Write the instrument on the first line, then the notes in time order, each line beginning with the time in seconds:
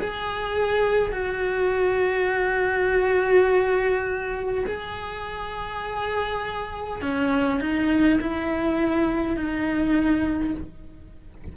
cello
0.00 G#4
1.12 F#4
4.67 G#4
7.02 C#4
7.61 D#4
8.21 E4
9.37 D#4